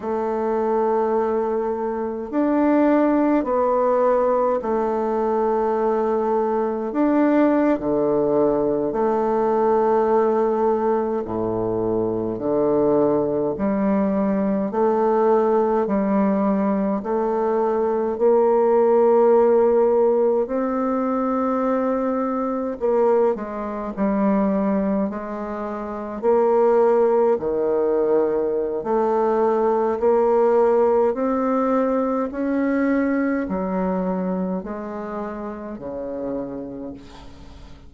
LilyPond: \new Staff \with { instrumentName = "bassoon" } { \time 4/4 \tempo 4 = 52 a2 d'4 b4 | a2 d'8. d4 a16~ | a4.~ a16 a,4 d4 g16~ | g8. a4 g4 a4 ais16~ |
ais4.~ ais16 c'2 ais16~ | ais16 gis8 g4 gis4 ais4 dis16~ | dis4 a4 ais4 c'4 | cis'4 fis4 gis4 cis4 | }